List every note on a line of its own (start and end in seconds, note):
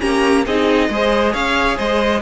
0.00 0.46 A#3
0.00 0.44 C#4
0.00 0.45 G4
0.00 0.45 A#5
0.46 0.89 C4
0.46 0.90 D#4
0.46 0.90 G#4
0.46 1.34 D#5
0.89 1.33 G#3
0.89 2.22 G#4
0.89 1.33 C5
1.33 1.78 C#4
1.33 1.77 C#5
1.33 1.78 F5
1.77 2.22 G#3
1.77 2.21 C5
1.77 2.22 D#5